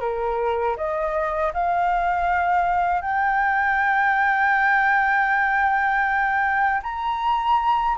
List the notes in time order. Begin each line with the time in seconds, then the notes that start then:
0.00 A#4
0.76 D#5
1.53 F5
3.01 G5
6.83 A#5